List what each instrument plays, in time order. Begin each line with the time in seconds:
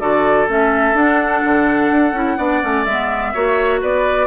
0.00 bassoon D3, clarinet F#4, oboe A4, flute D5
0.48 bassoon A3, clarinet C#4, flute E5
0.94 bassoon D4, clarinet D4, flute F#5
1.45 bassoon D3
1.91 bassoon D4
2.13 bassoon C#4, clarinet E4
2.38 bassoon B3, clarinet D4, oboe D5
2.62 bassoon A3, clarinet C#4
2.85 bassoon G#3, clarinet B3, flute E5
3.34 bassoon A#3, clarinet F#4, oboe C#5
3.82 bassoon B3, oboe B4, flute D5